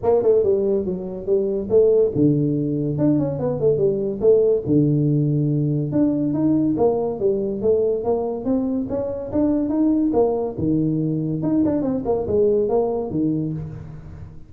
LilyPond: \new Staff \with { instrumentName = "tuba" } { \time 4/4 \tempo 4 = 142 ais8 a8 g4 fis4 g4 | a4 d2 d'8 cis'8 | b8 a8 g4 a4 d4~ | d2 d'4 dis'4 |
ais4 g4 a4 ais4 | c'4 cis'4 d'4 dis'4 | ais4 dis2 dis'8 d'8 | c'8 ais8 gis4 ais4 dis4 | }